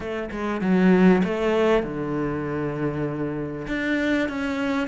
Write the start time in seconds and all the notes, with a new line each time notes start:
0.00 A3
0.31 G#3
0.61 F#3
1.24 A3
1.83 D3
3.67 D4
4.28 C#4